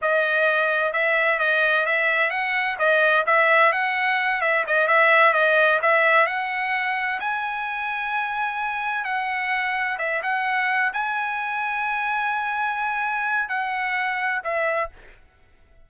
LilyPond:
\new Staff \with { instrumentName = "trumpet" } { \time 4/4 \tempo 4 = 129 dis''2 e''4 dis''4 | e''4 fis''4 dis''4 e''4 | fis''4. e''8 dis''8 e''4 dis''8~ | dis''8 e''4 fis''2 gis''8~ |
gis''2.~ gis''8 fis''8~ | fis''4. e''8 fis''4. gis''8~ | gis''1~ | gis''4 fis''2 e''4 | }